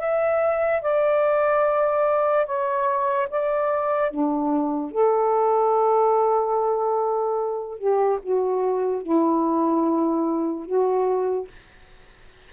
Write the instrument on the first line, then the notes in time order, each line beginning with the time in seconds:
saxophone
0.00 E5
0.82 D5
2.47 C#5
3.31 D5
4.11 D4
4.92 A4
7.79 G4
8.23 F#4
9.03 E4
10.66 F#4